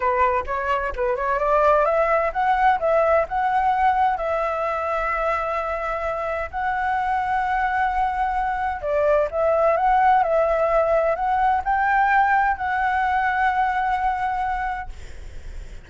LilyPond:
\new Staff \with { instrumentName = "flute" } { \time 4/4 \tempo 4 = 129 b'4 cis''4 b'8 cis''8 d''4 | e''4 fis''4 e''4 fis''4~ | fis''4 e''2.~ | e''2 fis''2~ |
fis''2. d''4 | e''4 fis''4 e''2 | fis''4 g''2 fis''4~ | fis''1 | }